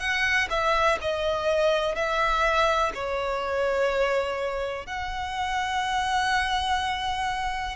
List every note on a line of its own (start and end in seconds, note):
0.00 0.48 F#5
0.50 0.99 E5
1.02 1.96 D#5
1.96 2.93 E5
2.95 4.87 C#5
4.87 7.76 F#5